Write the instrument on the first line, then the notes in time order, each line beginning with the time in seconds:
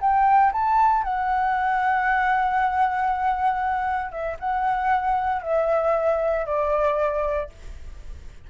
flute
0.00 G5
0.52 A5
1.03 F#5
4.11 E5
4.39 F#5
5.42 E5
6.46 D5